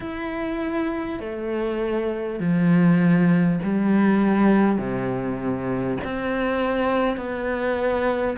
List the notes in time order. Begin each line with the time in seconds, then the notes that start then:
0.00 E4
1.19 A3
2.39 F3
3.63 G3
4.77 C3
6.04 C4
7.17 B3